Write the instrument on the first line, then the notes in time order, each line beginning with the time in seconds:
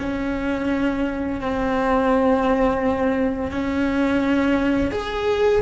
cello
0.00 C#4
1.41 C4
3.51 C#4
4.92 G#4